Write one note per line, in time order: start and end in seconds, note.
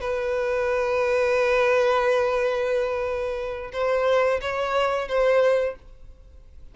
0.00 3.71 B4
3.72 4.39 C5
4.40 5.08 C#5
5.08 5.75 C5